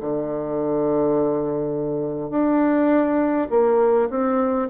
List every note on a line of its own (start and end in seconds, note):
0.00 2.30 D3
2.30 3.48 D4
3.50 4.09 A#3
4.10 4.68 C4